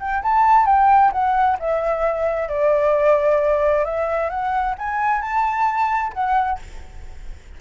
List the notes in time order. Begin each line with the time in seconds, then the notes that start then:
0.00 G5
0.23 A5
0.66 G5
1.12 F#5
1.60 E5
2.49 D5
3.85 E5
4.30 F#5
4.79 G#5
5.22 A5
6.14 F#5